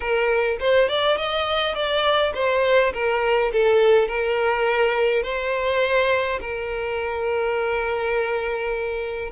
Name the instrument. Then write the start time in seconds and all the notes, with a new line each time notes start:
violin
0.00 A#4
0.60 C5
0.88 D5
1.17 D#5
1.74 D5
2.34 C5
2.93 A#4
3.52 A4
4.08 A#4
5.23 C5
6.40 A#4